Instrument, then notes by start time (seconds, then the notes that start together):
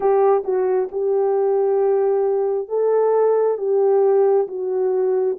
horn
0.00 G4
0.44 F#4
0.91 G4
2.68 A4
3.57 G4
4.47 F#4